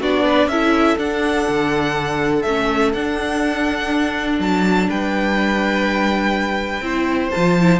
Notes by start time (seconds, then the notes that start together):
0.00 B3 D4 F#4 D5
0.27 B4
0.46 C#4 A4 E5
0.52 E4
0.98 D4 F#5
1.48 D3
2.42 A3 C#4 E5
2.93 D4 F#5
4.39 F#3 A5
4.89 G3 B4 G5
6.80 C4 E4 C5
7.30 F4 A5
7.36 F3
7.60 E4